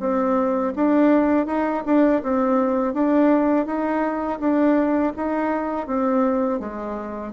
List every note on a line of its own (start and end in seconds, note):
0.00 0.73 C4
0.75 1.46 D4
1.46 1.83 D#4
1.85 2.22 D4
2.23 2.94 C4
2.94 3.66 D4
3.66 4.39 D#4
4.39 5.13 D4
5.16 5.87 D#4
5.87 6.60 C4
6.60 7.32 G#3